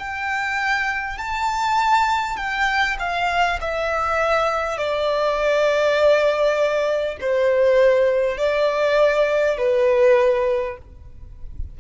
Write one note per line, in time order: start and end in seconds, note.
0.00 1.18 G5
1.18 2.37 A5
2.37 2.97 G5
3.00 3.60 F5
3.62 4.78 E5
4.78 7.18 D5
7.21 8.38 C5
8.38 9.58 D5
9.58 10.78 B4